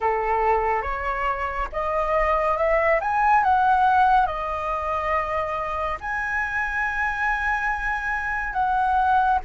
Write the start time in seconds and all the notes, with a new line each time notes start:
0.00 A4
0.82 C#5
1.72 D#5
2.57 E5
3.00 G#5
3.43 F#5
4.26 D#5
6.00 G#5
8.53 F#5